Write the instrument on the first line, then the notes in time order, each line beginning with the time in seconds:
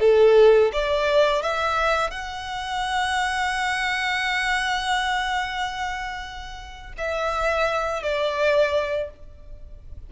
violin
0.00 A4
0.73 D5
1.43 E5
2.11 F#5
6.98 E5
8.03 D5